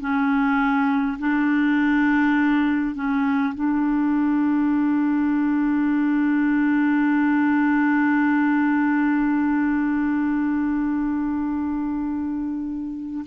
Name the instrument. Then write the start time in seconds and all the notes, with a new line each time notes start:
clarinet
0.00 C#4
1.19 D4
2.95 C#4
3.54 D4